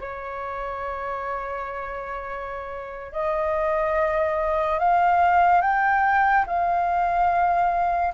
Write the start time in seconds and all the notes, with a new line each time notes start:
0.00 C#5
3.12 D#5
4.79 F5
5.61 G5
6.47 F5